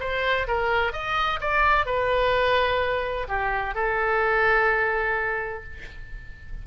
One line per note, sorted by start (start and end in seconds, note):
0.00 0.47 C5
0.48 0.93 A#4
0.93 1.40 D#5
1.41 1.86 D5
1.86 3.28 B4
3.29 3.75 G4
3.75 5.64 A4